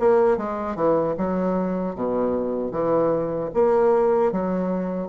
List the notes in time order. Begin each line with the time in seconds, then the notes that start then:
0.00 A#3
0.37 G#3
0.76 E3
1.18 F#3
1.96 B2
2.71 E3
3.54 A#3
4.32 F#3